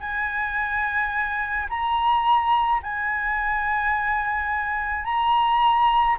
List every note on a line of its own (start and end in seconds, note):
0.00 1.68 G#5
1.69 2.82 A#5
2.83 5.05 G#5
5.05 6.17 A#5